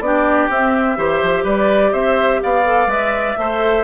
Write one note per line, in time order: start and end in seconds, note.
0.00 0.48 B3
0.00 0.51 D4
0.00 0.98 G4
0.00 0.49 D5
0.49 0.97 C4
0.49 1.47 E5
0.97 1.22 E3
0.97 2.65 G4
0.97 1.44 C5
1.23 1.44 F3
1.44 1.92 G3
1.44 1.92 B4
1.44 1.93 D5
1.93 2.41 C4
1.93 2.41 C5
1.93 2.41 E5
2.43 2.87 B3
2.43 3.39 D5
2.43 2.90 F5
2.65 2.88 A4
2.87 3.35 G#3
2.87 3.36 B4
2.87 3.83 E5
3.38 3.83 A3
3.38 3.83 A4
3.38 3.83 C5